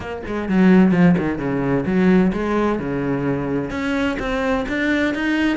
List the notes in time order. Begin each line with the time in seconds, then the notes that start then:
0.00 A#3
0.26 G#3
0.48 F#3
0.91 F3
1.18 D#3
1.38 C#3
1.85 F#3
2.32 G#3
2.79 C#3
3.70 C#4
4.19 C4
4.68 D4
5.14 D#4